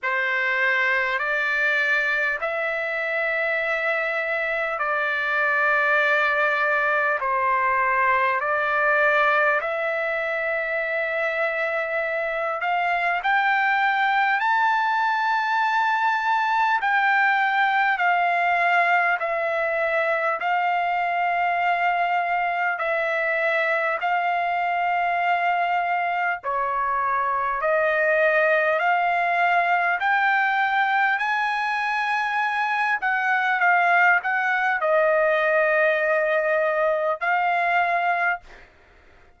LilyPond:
\new Staff \with { instrumentName = "trumpet" } { \time 4/4 \tempo 4 = 50 c''4 d''4 e''2 | d''2 c''4 d''4 | e''2~ e''8 f''8 g''4 | a''2 g''4 f''4 |
e''4 f''2 e''4 | f''2 cis''4 dis''4 | f''4 g''4 gis''4. fis''8 | f''8 fis''8 dis''2 f''4 | }